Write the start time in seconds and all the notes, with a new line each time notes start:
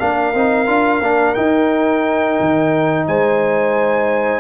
0.00 A#3 D4 A#4 F5
0.35 C4 D#4
0.67 D4 F4
1.00 A#3 D4
1.35 D#4 G5
2.40 D#3
3.07 G#3 C5 G#5